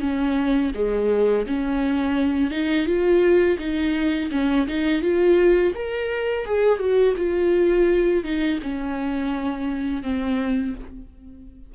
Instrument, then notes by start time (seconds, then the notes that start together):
viola
0.00 C#4
0.74 G#3
1.46 C#4
2.50 D#4
2.86 F4
3.58 D#4
4.31 C#4
4.67 D#4
5.01 F4
5.74 A#4
6.45 G#4
6.79 F#4
7.17 F4
8.23 D#4
8.62 C#4
10.02 C4